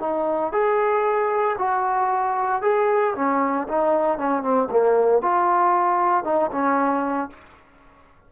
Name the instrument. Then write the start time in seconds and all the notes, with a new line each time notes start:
trombone
0.00 D#4
0.52 G#4
1.58 F#4
2.62 G#4
3.15 C#4
3.69 D#4
4.18 C#4
4.43 C4
4.71 A#3
5.22 F4
6.24 D#4
6.52 C#4